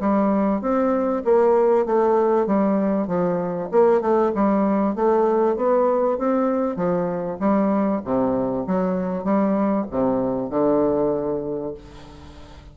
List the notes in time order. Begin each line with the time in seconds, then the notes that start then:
0.00 G3
0.61 C4
1.25 A#3
1.86 A3
2.47 G3
3.07 F3
3.71 A#3
4.01 A3
4.35 G3
4.95 A3
5.56 B3
6.18 C4
6.76 F3
7.40 G3
8.04 C3
8.67 F#3
9.24 G3
9.91 C3
10.50 D3